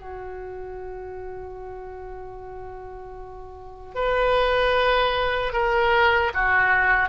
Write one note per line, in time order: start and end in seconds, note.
0.00 3.95 F#4
3.95 5.53 B4
5.53 6.32 A#4
6.34 7.09 F#4